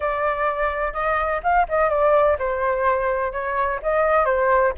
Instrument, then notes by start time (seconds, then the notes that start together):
flute
0.00 D5
0.93 D#5
1.43 F5
1.68 D#5
1.89 D5
2.38 C5
3.32 C#5
3.82 D#5
4.25 C5